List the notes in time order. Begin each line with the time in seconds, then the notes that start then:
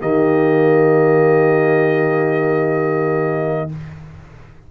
0.00 D#3 A#3 G4 D#5